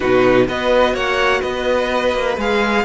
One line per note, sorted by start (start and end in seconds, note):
0.00 0.48 B2
0.00 0.47 D#4
0.00 0.44 F#4
0.00 0.46 B4
0.47 0.94 B3
0.47 2.37 F#4
0.47 0.94 B4
0.47 0.95 D#5
0.94 1.41 A#3
0.94 1.41 C#5
0.94 1.41 F#5
1.41 2.14 B3
1.41 2.83 B4
1.41 2.37 D#5
2.14 2.37 A#3
2.37 2.84 G#3
2.37 2.84 G#4
2.37 2.84 F5